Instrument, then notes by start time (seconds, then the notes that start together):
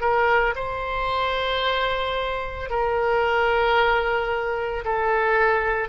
oboe
0.00 A#4
0.55 C5
2.69 A#4
4.84 A4